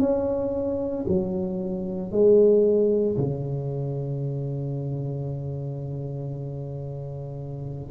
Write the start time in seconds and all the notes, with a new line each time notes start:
0.00 C#4
1.08 F#3
2.12 G#3
3.18 C#3